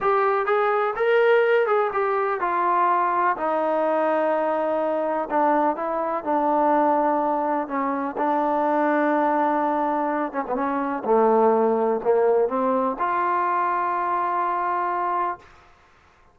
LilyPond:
\new Staff \with { instrumentName = "trombone" } { \time 4/4 \tempo 4 = 125 g'4 gis'4 ais'4. gis'8 | g'4 f'2 dis'4~ | dis'2. d'4 | e'4 d'2. |
cis'4 d'2.~ | d'4. cis'16 b16 cis'4 a4~ | a4 ais4 c'4 f'4~ | f'1 | }